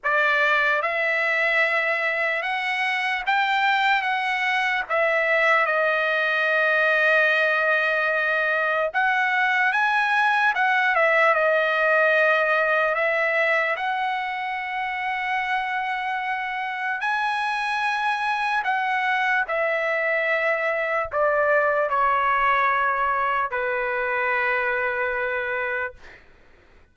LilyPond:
\new Staff \with { instrumentName = "trumpet" } { \time 4/4 \tempo 4 = 74 d''4 e''2 fis''4 | g''4 fis''4 e''4 dis''4~ | dis''2. fis''4 | gis''4 fis''8 e''8 dis''2 |
e''4 fis''2.~ | fis''4 gis''2 fis''4 | e''2 d''4 cis''4~ | cis''4 b'2. | }